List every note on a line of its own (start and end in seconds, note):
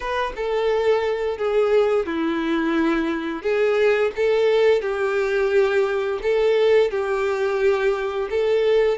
0.00 0.32 B4
0.36 1.37 A4
1.37 2.06 G#4
2.06 3.42 E4
3.42 4.11 G#4
4.15 4.81 A4
4.81 6.19 G4
6.22 6.91 A4
6.91 8.29 G4
8.29 8.98 A4